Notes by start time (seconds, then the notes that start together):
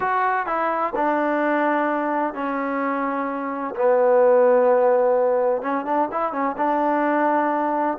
0.00 F#4
0.46 E4
0.95 D4
2.34 C#4
3.75 B3
5.61 C#4
5.85 D4
6.11 E4
6.32 C#4
6.57 D4